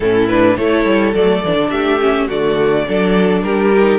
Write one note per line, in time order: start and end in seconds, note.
0.00 0.57 A2
0.00 0.29 C#4
0.00 0.58 E4
0.00 0.28 A4
0.28 0.58 D4
0.28 0.56 B4
0.56 0.85 A3
0.56 1.15 E4
0.56 1.71 A4
0.56 1.13 C#5
0.85 1.13 G3
1.13 1.42 F#3
1.13 1.43 A3
1.13 1.70 D5
1.44 1.56 E3
1.44 2.00 D4
1.56 1.70 D3
1.70 2.27 A3
1.70 2.27 G4
1.70 2.27 E5
2.00 2.28 C#4
2.27 2.88 D3
2.27 2.86 A3
2.27 2.84 F#4
2.27 3.43 D5
2.87 3.42 F#3
2.87 3.73 D4
2.87 3.44 A4
3.42 3.99 G3
3.42 3.99 G4
3.42 3.99 A#4
3.76 3.99 D#4